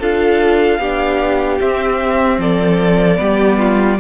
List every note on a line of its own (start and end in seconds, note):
0.00 0.79 D4
0.00 0.81 F4
0.00 0.80 A4
0.00 1.60 F5
0.79 1.59 B3
0.79 1.60 D4
0.79 2.40 G4
1.60 3.16 C4
1.60 2.38 C4
1.60 2.40 E5
2.38 3.18 F3
2.38 3.21 A4
2.38 4.00 D5
3.16 4.00 G3
3.16 3.96 B3
3.16 3.59 G4
3.59 3.99 F4